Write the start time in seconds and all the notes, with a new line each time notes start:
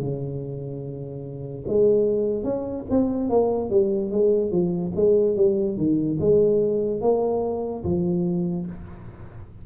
0.00 C#3
1.68 G#3
2.44 C#4
2.90 C4
3.30 A#3
3.70 G3
4.11 G#3
4.51 F3
4.95 G#3
5.36 G3
5.77 D#3
6.20 G#3
7.01 A#3
7.84 F3